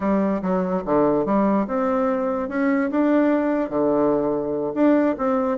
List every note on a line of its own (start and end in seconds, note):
0.00 0.41 G3
0.42 0.83 F#3
0.85 1.25 D3
1.25 1.66 G3
1.67 2.48 C4
2.48 2.90 C#4
2.90 3.69 D4
3.69 4.73 D3
4.74 5.15 D4
5.18 5.57 C4